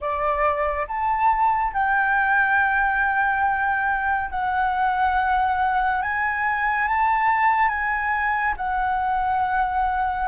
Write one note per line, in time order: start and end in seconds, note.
0.00 0.86 D5
0.87 1.73 A5
1.73 4.30 G5
4.30 6.02 F#5
6.02 6.87 G#5
6.87 7.68 A5
7.68 8.54 G#5
8.56 10.27 F#5